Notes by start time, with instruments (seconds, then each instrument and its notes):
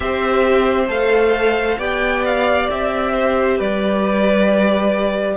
0.00 cello C4, viola G4, violin C5 E5
0.87 cello A3, viola A4, violin F5
1.78 cello B3, viola G4, violin D5 G5
2.25 violin F5
2.70 cello C4, violin E5
3.13 violin C5
3.57 cello G3, violin B4 D5